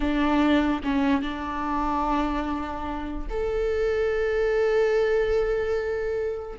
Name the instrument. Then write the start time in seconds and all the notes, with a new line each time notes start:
viola
0.00 D4
0.83 C#4
1.22 D4
3.29 A4